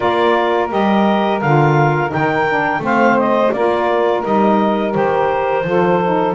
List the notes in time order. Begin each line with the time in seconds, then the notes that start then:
0.00 A#3 F4 A#4 D5
0.69 G3 G4 D#5
1.40 D3 F4 F5
2.08 D#4 G5
2.14 D#3
2.49 D4
2.79 A3 C4 C5 F5
3.18 D#5
3.51 A#3 F4 A#4 D5
4.23 G3 D#4 D#5
4.91 D#3 G4 C5
5.64 F3 F4 A4
6.03 D#4